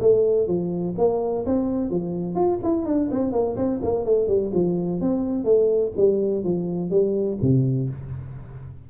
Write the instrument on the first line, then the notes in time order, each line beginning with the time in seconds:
tuba
0.00 A3
0.47 F3
0.98 A#3
1.46 C4
1.90 F3
2.35 F4
2.63 E4
2.86 D4
3.11 C4
3.32 A#3
3.56 C4
3.82 A#3
4.05 A3
4.27 G3
4.54 F3
5.01 C4
5.44 A3
5.97 G3
6.44 F3
6.90 G3
7.42 C3